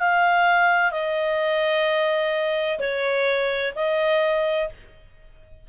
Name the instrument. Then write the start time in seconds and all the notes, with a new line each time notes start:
clarinet
0.00 F5
0.92 D#5
2.80 C#5
3.76 D#5